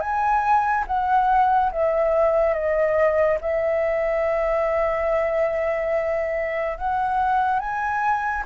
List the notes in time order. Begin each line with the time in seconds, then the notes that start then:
0.00 G#5
0.86 F#5
1.72 E5
2.54 D#5
3.41 E5
6.78 F#5
7.59 G#5